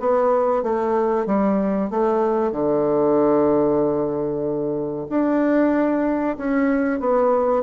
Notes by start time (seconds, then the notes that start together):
0.00 B3
0.63 A3
1.26 G3
1.90 A3
2.52 D3
5.10 D4
6.37 C#4
7.00 B3